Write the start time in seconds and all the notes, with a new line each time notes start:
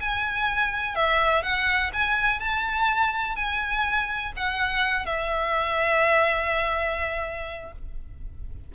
0.00 G#5
0.95 E5
1.43 F#5
1.93 G#5
2.40 A5
3.36 G#5
4.37 F#5
5.06 E5